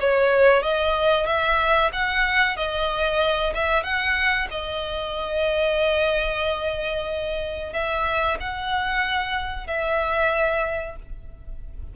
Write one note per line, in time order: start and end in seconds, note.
0.00 0.62 C#5
0.62 1.26 D#5
1.26 1.91 E5
1.92 2.56 F#5
2.56 3.53 D#5
3.54 3.83 E5
3.83 4.48 F#5
4.50 7.73 D#5
7.73 8.37 E5
8.40 9.67 F#5
9.67 10.96 E5